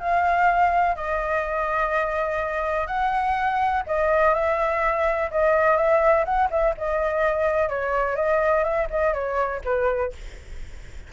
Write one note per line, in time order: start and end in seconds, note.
0.00 0.96 F5
0.96 2.87 D#5
2.87 3.83 F#5
3.87 4.35 D#5
4.35 5.31 E5
5.31 5.77 D#5
5.77 6.25 E5
6.25 6.49 F#5
6.51 6.75 E5
6.77 7.69 D#5
7.69 8.16 C#5
8.16 8.64 D#5
8.64 8.88 E5
8.90 9.14 D#5
9.14 9.62 C#5
9.65 10.13 B4